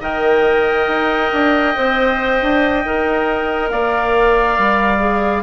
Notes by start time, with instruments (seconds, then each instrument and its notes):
0.00 bassoon D#3, clarinet A#4, oboe D#5, flute G5
0.87 bassoon D#4
1.33 bassoon D4
1.76 bassoon C4, clarinet C5
2.42 bassoon D4
2.85 bassoon D#4, clarinet A#4
3.70 bassoon A#3, oboe D5, flute F5
4.58 bassoon G3
4.99 clarinet G#4